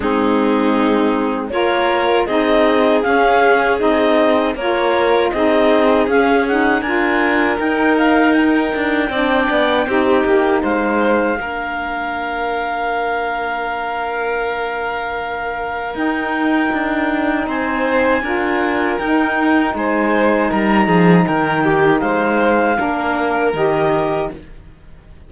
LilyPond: <<
  \new Staff \with { instrumentName = "clarinet" } { \time 4/4 \tempo 4 = 79 gis'2 cis''4 dis''4 | f''4 dis''4 cis''4 dis''4 | f''8 fis''8 gis''4 g''8 f''8 g''4~ | g''2 f''2~ |
f''1~ | f''4 g''2 gis''4~ | gis''4 g''4 gis''4 ais''4 | g''4 f''2 dis''4 | }
  \new Staff \with { instrumentName = "violin" } { \time 4/4 dis'2 ais'4 gis'4~ | gis'2 ais'4 gis'4~ | gis'4 ais'2. | d''4 g'4 c''4 ais'4~ |
ais'1~ | ais'2. c''4 | ais'2 c''4 ais'8 gis'8 | ais'8 g'8 c''4 ais'2 | }
  \new Staff \with { instrumentName = "saxophone" } { \time 4/4 c'2 f'4 dis'4 | cis'4 dis'4 f'4 dis'4 | cis'8 dis'8 f'4 dis'2 | d'4 dis'2 d'4~ |
d'1~ | d'4 dis'2. | f'4 dis'2.~ | dis'2 d'4 g'4 | }
  \new Staff \with { instrumentName = "cello" } { \time 4/4 gis2 ais4 c'4 | cis'4 c'4 ais4 c'4 | cis'4 d'4 dis'4. d'8 | c'8 b8 c'8 ais8 gis4 ais4~ |
ais1~ | ais4 dis'4 d'4 c'4 | d'4 dis'4 gis4 g8 f8 | dis4 gis4 ais4 dis4 | }
>>